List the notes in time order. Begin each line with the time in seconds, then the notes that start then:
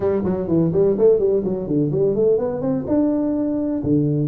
0.00 G3
0.24 F#3
0.47 E3
0.72 G3
0.98 A3
1.19 G3
1.44 F#3
1.67 D3
1.91 G3
2.15 A3
2.37 B3
2.61 C4
2.87 D4
3.83 D3